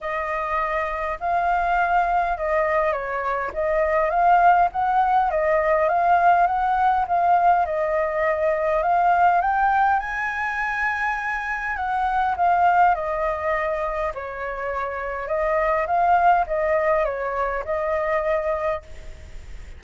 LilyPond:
\new Staff \with { instrumentName = "flute" } { \time 4/4 \tempo 4 = 102 dis''2 f''2 | dis''4 cis''4 dis''4 f''4 | fis''4 dis''4 f''4 fis''4 | f''4 dis''2 f''4 |
g''4 gis''2. | fis''4 f''4 dis''2 | cis''2 dis''4 f''4 | dis''4 cis''4 dis''2 | }